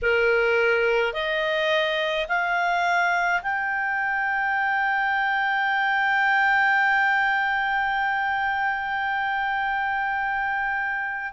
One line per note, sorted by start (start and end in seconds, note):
0.02 1.13 A#4
1.13 2.26 D#5
2.28 3.41 F5
3.42 11.32 G5